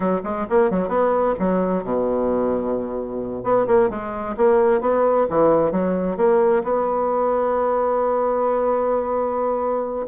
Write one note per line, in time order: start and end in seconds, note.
0.00 0.21 F#3
0.23 0.46 G#3
0.49 0.70 A#3
0.70 0.88 F#3
0.88 1.34 B3
1.39 1.83 F#3
1.83 3.43 B2
3.43 3.66 B3
3.66 3.89 A#3
3.89 4.35 G#3
4.36 4.80 A#3
4.80 5.26 B3
5.29 5.71 E3
5.71 6.16 F#3
6.16 6.62 A#3
6.63 10.07 B3